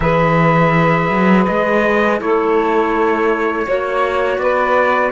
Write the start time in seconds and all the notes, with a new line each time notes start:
0.00 E3 G#4 B4 E5
1.09 F#3
1.46 G#3 D#5
2.19 A3 E4 A4 C#5
3.66 A#3 F#4 C#5
4.37 B3 B4 D5